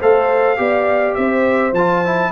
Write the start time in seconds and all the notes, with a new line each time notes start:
0.00 A3 A4 C5 F5
0.57 B3 G4 D5
1.15 C4 C5 E5
1.73 F3 F4 A5
2.06 E4